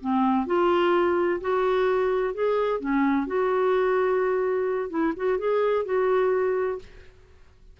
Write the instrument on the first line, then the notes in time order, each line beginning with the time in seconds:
clarinet
0.00 C4
0.46 F4
1.40 F#4
2.34 G#4
2.80 C#4
3.27 F#4
4.90 E4
5.16 F#4
5.38 G#4
5.85 F#4